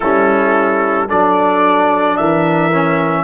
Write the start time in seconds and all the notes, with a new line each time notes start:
0.00 G3 C#4 E4 A4
1.07 F#3 D4 A4 D5
2.17 E3 A#4 E5
2.72 C#4